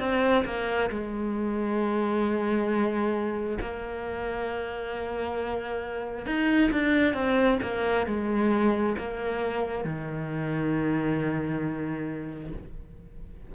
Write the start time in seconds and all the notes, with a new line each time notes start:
0.00 C4
0.46 A#3
0.90 G#3
3.61 A#3
6.26 D#4
6.72 D4
7.14 C4
7.63 A#3
8.07 G#3
8.98 A#3
9.85 D#3